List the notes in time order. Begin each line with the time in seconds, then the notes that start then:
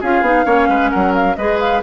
0.00 C#4 F4 G#4 F5
0.21 B3 D#4
0.45 A#3 C#4 C#5
0.69 G#3 B4
0.90 F#3 A#4 F#5
1.14 F5
1.36 G#3 G#4 B4 D#5
1.59 F5